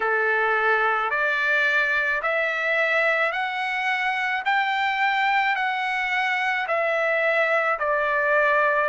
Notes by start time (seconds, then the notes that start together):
0.00 A4
1.10 D5
2.22 E5
3.31 F#5
4.45 G5
5.55 F#5
6.67 E5
7.79 D5